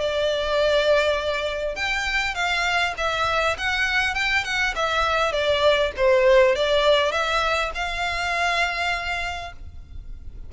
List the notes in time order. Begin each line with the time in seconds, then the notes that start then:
0.00 D5
1.76 G5
2.35 F5
2.97 E5
3.58 F#5
4.14 G5
4.44 F#5
4.75 E5
5.32 D5
5.96 C5
6.56 D5
7.12 E5
7.75 F5